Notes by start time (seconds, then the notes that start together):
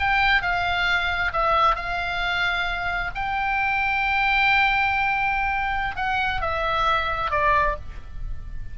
0.00 G5
0.42 F5
1.33 E5
1.76 F5
3.15 G5
5.97 F#5
6.42 E5
7.31 D5